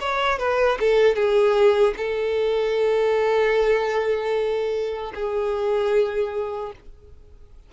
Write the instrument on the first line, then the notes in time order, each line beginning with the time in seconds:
violin
0.00 C#5
0.39 B4
0.80 A4
1.15 G#4
1.97 A4
5.15 G#4